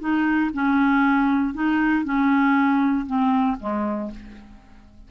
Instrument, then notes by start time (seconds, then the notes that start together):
clarinet
0.00 D#4
0.54 C#4
1.54 D#4
2.05 C#4
3.06 C4
3.60 G#3